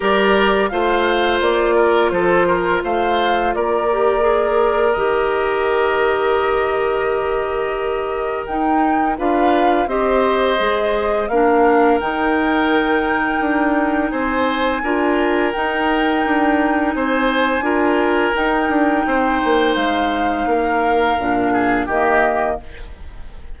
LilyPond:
<<
  \new Staff \with { instrumentName = "flute" } { \time 4/4 \tempo 4 = 85 d''4 f''4 d''4 c''4 | f''4 d''2 dis''4~ | dis''1 | g''4 f''4 dis''2 |
f''4 g''2. | gis''2 g''2 | gis''2 g''2 | f''2. dis''4 | }
  \new Staff \with { instrumentName = "oboe" } { \time 4/4 ais'4 c''4. ais'8 a'8 ais'8 | c''4 ais'2.~ | ais'1~ | ais'4 b'4 c''2 |
ais'1 | c''4 ais'2. | c''4 ais'2 c''4~ | c''4 ais'4. gis'8 g'4 | }
  \new Staff \with { instrumentName = "clarinet" } { \time 4/4 g'4 f'2.~ | f'4. g'8 gis'4 g'4~ | g'1 | dis'4 f'4 g'4 gis'4 |
d'4 dis'2.~ | dis'4 f'4 dis'2~ | dis'4 f'4 dis'2~ | dis'2 d'4 ais4 | }
  \new Staff \with { instrumentName = "bassoon" } { \time 4/4 g4 a4 ais4 f4 | a4 ais2 dis4~ | dis1 | dis'4 d'4 c'4 gis4 |
ais4 dis2 d'4 | c'4 d'4 dis'4 d'4 | c'4 d'4 dis'8 d'8 c'8 ais8 | gis4 ais4 ais,4 dis4 | }
>>